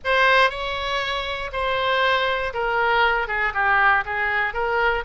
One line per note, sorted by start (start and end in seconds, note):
0.04 0.50 C5
0.50 1.50 C#5
1.52 2.53 C5
2.53 3.27 A#4
3.27 3.52 G#4
3.54 4.04 G4
4.05 4.53 G#4
4.53 5.04 A#4